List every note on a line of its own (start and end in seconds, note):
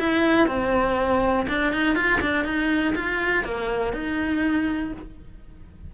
0.00 0.48 E4
0.48 1.47 C4
1.49 1.73 D4
1.73 1.96 D#4
1.96 2.20 F4
2.21 2.45 D4
2.45 2.95 D#4
2.96 3.45 F4
3.45 3.93 A#3
3.93 4.92 D#4